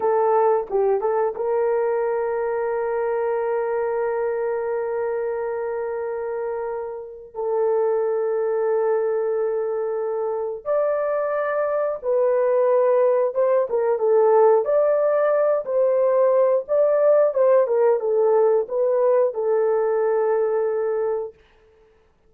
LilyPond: \new Staff \with { instrumentName = "horn" } { \time 4/4 \tempo 4 = 90 a'4 g'8 a'8 ais'2~ | ais'1~ | ais'2. a'4~ | a'1 |
d''2 b'2 | c''8 ais'8 a'4 d''4. c''8~ | c''4 d''4 c''8 ais'8 a'4 | b'4 a'2. | }